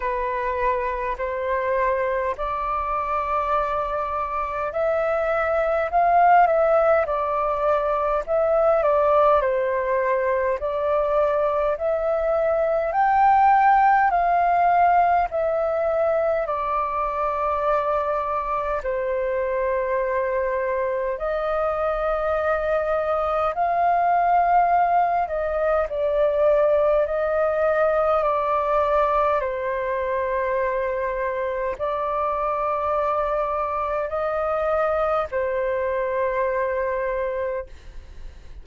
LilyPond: \new Staff \with { instrumentName = "flute" } { \time 4/4 \tempo 4 = 51 b'4 c''4 d''2 | e''4 f''8 e''8 d''4 e''8 d''8 | c''4 d''4 e''4 g''4 | f''4 e''4 d''2 |
c''2 dis''2 | f''4. dis''8 d''4 dis''4 | d''4 c''2 d''4~ | d''4 dis''4 c''2 | }